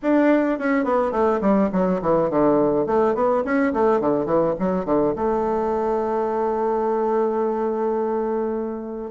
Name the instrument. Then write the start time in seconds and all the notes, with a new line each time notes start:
bassoon
0.02 D4
0.59 C#4
0.84 B3
1.11 A3
1.41 G3
1.72 F#3
2.01 E3
2.30 D3
2.86 A3
3.15 B3
3.44 C#4
3.73 A3
4.00 D3
4.25 E3
4.59 F#3
4.85 D3
5.15 A3